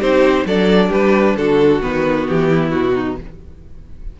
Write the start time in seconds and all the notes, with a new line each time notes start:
0.00 C4 D#4 G4 C5
0.45 F#3 D4 A4 D5
0.89 G3 G4 B4
1.36 D3 F#4 A4
1.82 D#3 B3 B4
2.28 E3 G4
2.49 E4
2.71 B2 F#4
2.94 D#4